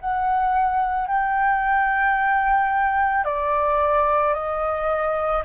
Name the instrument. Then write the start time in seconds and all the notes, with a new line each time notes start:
flute
0.00 F#5
1.08 G5
3.25 D5
4.34 D#5